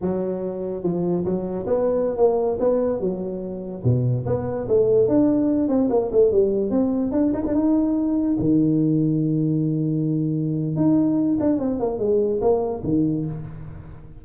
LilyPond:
\new Staff \with { instrumentName = "tuba" } { \time 4/4 \tempo 4 = 145 fis2 f4 fis4 | b4~ b16 ais4 b4 fis8.~ | fis4~ fis16 b,4 b4 a8.~ | a16 d'4. c'8 ais8 a8 g8.~ |
g16 c'4 d'8 dis'16 d'16 dis'4.~ dis'16~ | dis'16 dis2.~ dis8.~ | dis2 dis'4. d'8 | c'8 ais8 gis4 ais4 dis4 | }